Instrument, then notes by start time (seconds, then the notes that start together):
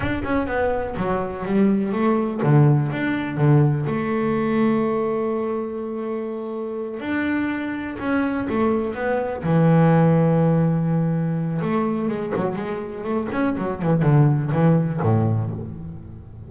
double bass
0.00 D4
0.23 C#4
0.46 B3
0.97 F#3
1.45 G3
1.92 A3
2.42 D3
2.92 D4
3.37 D3
3.86 A3
7.00 D4
7.99 C#4
8.49 A3
8.94 B3
9.43 E3
11.61 A3
12.08 G#3
12.36 F#3
12.55 G#3
13.03 A3
13.31 C#4
13.57 F#3
13.82 E3
14.02 D3
14.51 E3
15.02 A2